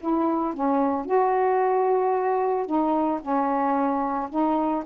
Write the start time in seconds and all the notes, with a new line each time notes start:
0.00 E4
0.54 C#4
1.05 F#4
2.66 D#4
3.21 C#4
4.29 D#4